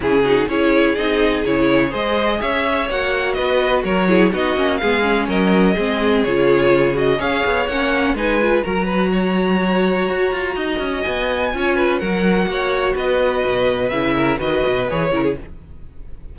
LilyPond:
<<
  \new Staff \with { instrumentName = "violin" } { \time 4/4 \tempo 4 = 125 gis'4 cis''4 dis''4 cis''4 | dis''4 e''4 fis''4 dis''4 | cis''4 dis''4 f''4 dis''4~ | dis''4 cis''4. dis''8 f''4 |
fis''4 gis''4 ais''2~ | ais''2. gis''4~ | gis''4 fis''2 dis''4~ | dis''4 e''4 dis''4 cis''4 | }
  \new Staff \with { instrumentName = "violin" } { \time 4/4 e'8 fis'8 gis'2. | c''4 cis''2 b'4 | ais'8 gis'8 fis'4 gis'4 ais'4 | gis'2. cis''4~ |
cis''4 b'4 ais'8 b'8 cis''4~ | cis''2 dis''2 | cis''8 b'8 ais'4 cis''4 b'4~ | b'4. ais'8 b'4. ais'16 gis'16 | }
  \new Staff \with { instrumentName = "viola" } { \time 4/4 cis'8 dis'8 e'4 dis'4 e'4 | gis'2 fis'2~ | fis'8 e'8 dis'8 cis'8 b8 cis'4. | c'4 f'4. fis'8 gis'4 |
cis'4 dis'8 f'8 fis'2~ | fis'1 | f'4 fis'2.~ | fis'4 e'4 fis'4 gis'8 e'8 | }
  \new Staff \with { instrumentName = "cello" } { \time 4/4 cis4 cis'4 c'4 cis4 | gis4 cis'4 ais4 b4 | fis4 b8 ais8 gis4 fis4 | gis4 cis2 cis'8 b8 |
ais4 gis4 fis2~ | fis4 fis'8 f'8 dis'8 cis'8 b4 | cis'4 fis4 ais4 b4 | b,4 cis4 dis8 b,8 e8 cis8 | }
>>